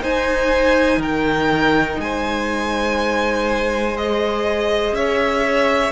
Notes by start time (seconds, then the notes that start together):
0.00 D#4 C5 G#5
0.97 D#3 A#4 G5
1.99 G#3 C5 G#5
3.97 G#4 D#5
4.92 C#4 C#5 E5